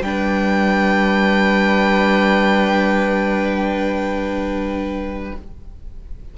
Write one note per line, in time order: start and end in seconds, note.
0.00 5.31 G3
0.00 5.35 D4
0.00 5.33 G5
0.06 5.37 B4